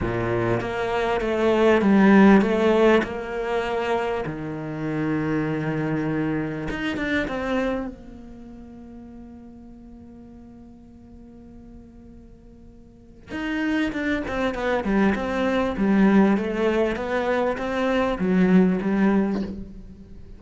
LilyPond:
\new Staff \with { instrumentName = "cello" } { \time 4/4 \tempo 4 = 99 ais,4 ais4 a4 g4 | a4 ais2 dis4~ | dis2. dis'8 d'8 | c'4 ais2.~ |
ais1~ | ais2 dis'4 d'8 c'8 | b8 g8 c'4 g4 a4 | b4 c'4 fis4 g4 | }